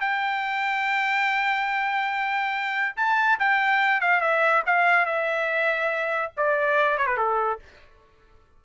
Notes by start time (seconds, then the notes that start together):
0.00 G5
2.96 A5
3.39 G5
4.00 F5
4.20 E5
4.66 F5
5.05 E5
6.36 D5
6.97 C#5
7.06 B4
7.17 A4